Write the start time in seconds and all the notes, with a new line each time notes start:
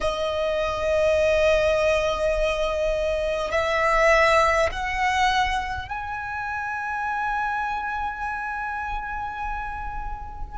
0.00 D#5
3.51 E5
4.71 F#5
5.88 G#5